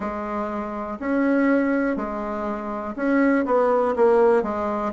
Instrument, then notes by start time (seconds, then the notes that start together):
bassoon
0.00 G#3
0.99 C#4
1.96 G#3
2.96 C#4
3.45 B3
3.96 A#3
4.43 G#3